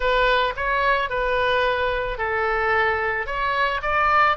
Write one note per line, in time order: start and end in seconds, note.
0.00 0.54 B4
0.56 1.09 C#5
1.09 2.17 B4
2.17 3.26 A4
3.26 3.81 C#5
3.82 4.36 D5